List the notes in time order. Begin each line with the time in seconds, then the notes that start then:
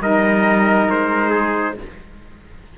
0.00 G3 D#4 A#4 D#5
0.89 G#3 C5
1.30 G#4